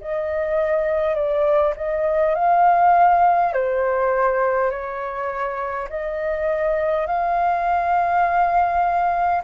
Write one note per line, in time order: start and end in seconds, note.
0.00 1.14 D#5
1.14 1.73 D5
1.76 2.35 D#5
2.35 3.52 F5
3.52 4.70 C5
4.70 5.88 C#5
5.89 7.06 D#5
7.06 9.42 F5